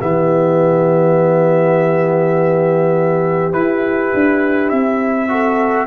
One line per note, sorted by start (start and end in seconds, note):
0.00 3.54 E3
0.00 3.52 B3
0.00 5.31 G4
0.00 3.53 E5
3.52 5.29 E4
3.52 4.12 E4
3.52 4.69 B4
4.14 4.71 D4
4.69 5.87 C4
4.69 5.87 E5
5.29 5.87 F#4
5.29 5.87 A4